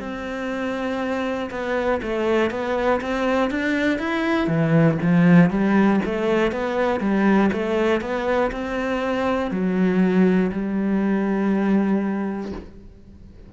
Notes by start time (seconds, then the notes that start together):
0.00 C4
1.51 B3
2.02 A3
2.51 B3
3.01 C4
3.51 D4
3.99 E4
4.47 E3
5.01 F3
5.50 G3
6.05 A3
6.51 B3
7.00 G3
7.52 A3
8.01 B3
8.51 C4
9.51 F#3
10.52 G3